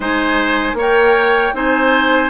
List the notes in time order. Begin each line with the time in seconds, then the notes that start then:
0.00 G#3 D#4 C5 G#5
0.73 A#3 A#4 C#5
0.80 G5
1.54 C4 D#4 C5 G#5